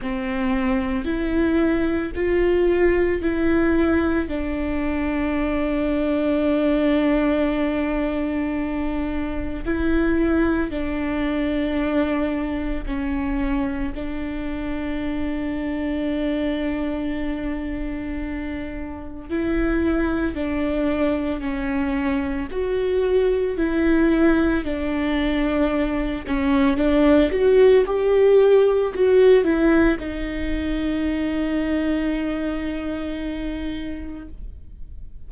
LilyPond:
\new Staff \with { instrumentName = "viola" } { \time 4/4 \tempo 4 = 56 c'4 e'4 f'4 e'4 | d'1~ | d'4 e'4 d'2 | cis'4 d'2.~ |
d'2 e'4 d'4 | cis'4 fis'4 e'4 d'4~ | d'8 cis'8 d'8 fis'8 g'4 fis'8 e'8 | dis'1 | }